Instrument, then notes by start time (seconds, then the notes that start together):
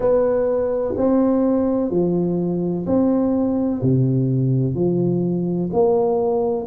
tuba
0.00 B3
0.97 C4
1.90 F3
2.86 C4
3.81 C3
4.74 F3
5.72 A#3